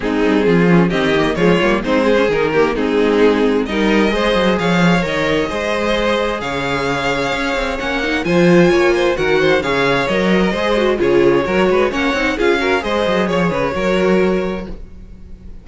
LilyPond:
<<
  \new Staff \with { instrumentName = "violin" } { \time 4/4 \tempo 4 = 131 gis'2 dis''4 cis''4 | c''4 ais'4 gis'2 | dis''2 f''4 dis''4~ | dis''2 f''2~ |
f''4 fis''4 gis''2 | fis''4 f''4 dis''2 | cis''2 fis''4 f''4 | dis''4 cis''2. | }
  \new Staff \with { instrumentName = "violin" } { \time 4/4 dis'4 f'4 g'4 f'4 | dis'8 gis'4 g'8 dis'2 | ais'4 c''4 cis''2 | c''2 cis''2~ |
cis''2 c''4 cis''8 c''8 | ais'8 c''8 cis''4.~ cis''16 ais'16 c''4 | gis'4 ais'8 b'8 cis''4 gis'8 ais'8 | c''4 cis''8 b'8 ais'2 | }
  \new Staff \with { instrumentName = "viola" } { \time 4/4 c'4. cis'8 c'8 ais8 gis8 ais8 | c'8. cis'16 dis'8 ais8 c'2 | dis'4 gis'2 ais'4 | gis'1~ |
gis'4 cis'8 dis'8 f'2 | fis'4 gis'4 ais'4 gis'8 fis'8 | f'4 fis'4 cis'8 dis'8 f'8 fis'8 | gis'2 fis'2 | }
  \new Staff \with { instrumentName = "cello" } { \time 4/4 gis8 g8 f4 dis4 f8 g8 | gis4 dis4 gis2 | g4 gis8 fis8 f4 dis4 | gis2 cis2 |
cis'8 c'8 ais4 f4 ais4 | dis4 cis4 fis4 gis4 | cis4 fis8 gis8 ais8 c'8 cis'4 | gis8 fis8 f8 cis8 fis2 | }
>>